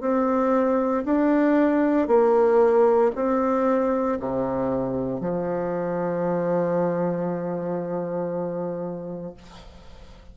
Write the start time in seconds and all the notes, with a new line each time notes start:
0.00 C4
1.05 D4
2.07 A#3
3.15 C4
4.19 C3
5.20 F3